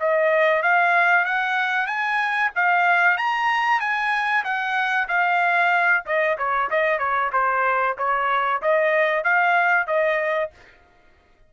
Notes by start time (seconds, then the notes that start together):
0.00 D#5
0.63 F5
1.25 F#5
1.87 G#5
2.56 F5
3.17 A#5
3.80 G#5
4.44 F#5
5.08 F5
6.06 D#5
6.38 C#5
6.71 D#5
6.99 C#5
7.33 C5
7.98 C#5
8.62 D#5
9.24 F5
9.87 D#5